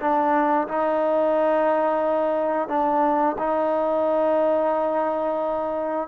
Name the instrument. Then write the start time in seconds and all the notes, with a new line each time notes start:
trombone
0.00 D4
0.68 D#4
2.68 D4
3.38 D#4